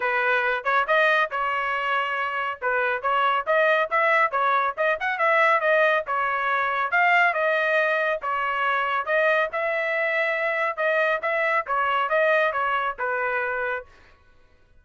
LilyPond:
\new Staff \with { instrumentName = "trumpet" } { \time 4/4 \tempo 4 = 139 b'4. cis''8 dis''4 cis''4~ | cis''2 b'4 cis''4 | dis''4 e''4 cis''4 dis''8 fis''8 | e''4 dis''4 cis''2 |
f''4 dis''2 cis''4~ | cis''4 dis''4 e''2~ | e''4 dis''4 e''4 cis''4 | dis''4 cis''4 b'2 | }